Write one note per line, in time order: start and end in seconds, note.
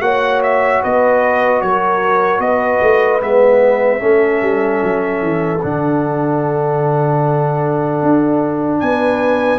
0.00 0.80 A#3
0.00 3.20 F#4
0.00 0.83 C#5
0.00 0.41 F#5
0.42 0.82 E5
0.83 1.61 B3
0.83 1.62 B4
0.83 1.61 D#5
1.61 2.39 F#3
1.61 2.42 A#4
1.61 2.40 C#5
2.39 2.79 B3
2.39 4.01 B4
2.39 3.20 D#5
2.82 3.21 A3
3.20 4.01 G#3
3.20 3.99 B3
3.20 5.61 E5
3.99 4.41 A3
3.99 5.58 C#4
3.99 8.81 A4
4.41 4.81 G3
4.83 5.22 F#3
5.22 5.62 E3
5.61 8.02 D3
5.61 9.59 D4
5.61 8.79 F#5
8.02 8.81 D4
8.79 9.59 B3
8.79 9.59 B4
8.79 9.59 G#5